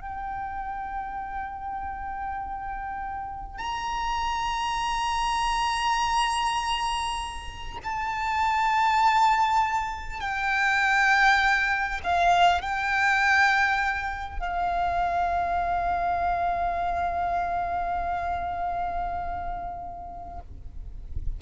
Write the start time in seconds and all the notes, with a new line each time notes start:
0.00 G5
3.58 A#5
7.83 A5
10.20 G5
12.03 F5
12.61 G5
14.39 F5